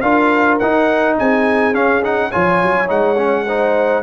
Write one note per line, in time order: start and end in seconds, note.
0.00 0.59 D4
0.00 0.60 F4
0.00 1.16 A#4
0.00 0.57 F5
0.59 1.19 D#4
0.59 1.73 D#4
0.59 1.16 F#5
1.18 1.74 C4
1.18 2.29 G#4
1.18 1.74 G#5
1.73 2.02 C#4
1.73 2.31 C#4
1.73 2.03 F5
2.02 2.31 D#4
2.02 2.31 F#5
2.29 2.62 F3
2.29 2.86 F4
2.29 3.43 C#5
2.29 2.88 G#5
2.62 2.89 F#3
2.86 4.02 G#3
2.86 3.15 D#4
2.86 4.02 F#5
3.16 3.45 C#4
3.45 4.02 D#4
3.45 4.02 C5